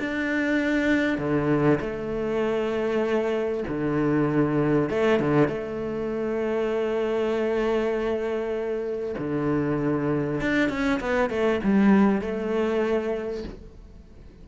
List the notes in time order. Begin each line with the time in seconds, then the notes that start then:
0.00 D4
1.19 D3
1.81 A3
3.68 D3
4.90 A3
5.20 D3
5.49 A3
9.19 D3
10.41 D4
10.70 C#4
11.01 B3
11.30 A3
11.64 G3
12.22 A3